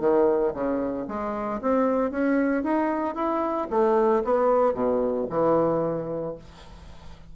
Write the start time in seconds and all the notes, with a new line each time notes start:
0.00 D#3
0.54 C#3
1.08 G#3
1.62 C4
2.11 C#4
2.64 D#4
3.16 E4
3.71 A3
4.25 B3
4.74 B2
5.30 E3